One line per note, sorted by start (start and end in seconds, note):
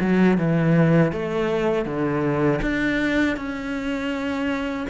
0.00 0.38 F#3
0.38 1.12 E3
1.12 1.85 A3
1.85 2.60 D3
2.61 3.36 D4
3.36 4.86 C#4